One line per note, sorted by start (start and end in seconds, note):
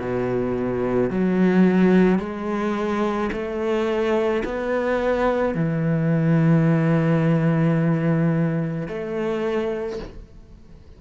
0.00 1.11 B2
1.11 2.20 F#3
2.20 3.31 G#3
3.33 4.44 A3
4.45 5.55 B3
5.55 8.88 E3
8.88 9.99 A3